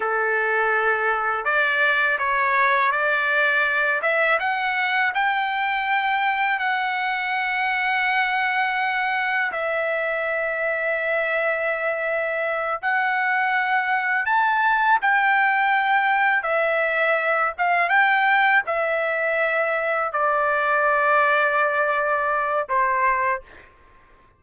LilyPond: \new Staff \with { instrumentName = "trumpet" } { \time 4/4 \tempo 4 = 82 a'2 d''4 cis''4 | d''4. e''8 fis''4 g''4~ | g''4 fis''2.~ | fis''4 e''2.~ |
e''4. fis''2 a''8~ | a''8 g''2 e''4. | f''8 g''4 e''2 d''8~ | d''2. c''4 | }